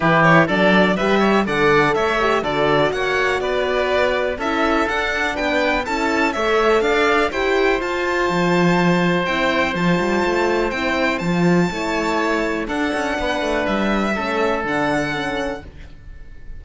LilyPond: <<
  \new Staff \with { instrumentName = "violin" } { \time 4/4 \tempo 4 = 123 b'8 cis''8 d''4 e''4 fis''4 | e''4 d''4 fis''4 d''4~ | d''4 e''4 fis''4 g''4 | a''4 e''4 f''4 g''4 |
a''2. g''4 | a''2 g''4 a''4~ | a''2 fis''2 | e''2 fis''2 | }
  \new Staff \with { instrumentName = "oboe" } { \time 4/4 g'4 a'4 b'8 cis''8 d''4 | cis''4 a'4 cis''4 b'4~ | b'4 a'2 b'4 | a'4 cis''4 d''4 c''4~ |
c''1~ | c''1 | cis''2 a'4 b'4~ | b'4 a'2. | }
  \new Staff \with { instrumentName = "horn" } { \time 4/4 e'4 d'4 g'4 a'4~ | a'8 g'8 fis'2.~ | fis'4 e'4 d'2 | e'4 a'2 g'4 |
f'2. e'4 | f'2 e'4 f'4 | e'2 d'2~ | d'4 cis'4 d'4 cis'4 | }
  \new Staff \with { instrumentName = "cello" } { \time 4/4 e4 fis4 g4 d4 | a4 d4 ais4 b4~ | b4 cis'4 d'4 b4 | cis'4 a4 d'4 e'4 |
f'4 f2 c'4 | f8 g8 a4 c'4 f4 | a2 d'8 cis'8 b8 a8 | g4 a4 d2 | }
>>